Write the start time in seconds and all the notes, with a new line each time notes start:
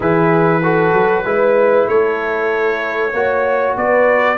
0.00 E3 E4 G#4 B4
0.62 F#4 A4
0.93 F#3
1.24 G#3 E4 B4
1.87 A3 A4 C#5
3.13 A#3 F#4 C#5
3.76 B3 B4 D5